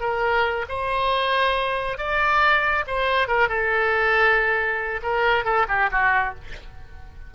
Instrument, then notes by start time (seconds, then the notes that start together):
oboe
0.00 A#4
0.68 C5
1.97 D5
2.87 C5
3.27 A#4
3.48 A4
5.02 A#4
5.44 A4
5.68 G4
5.91 F#4